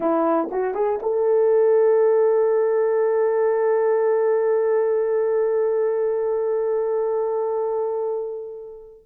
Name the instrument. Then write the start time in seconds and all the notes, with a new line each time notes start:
horn
0.00 E4
0.51 F#4
0.74 G#4
1.02 A4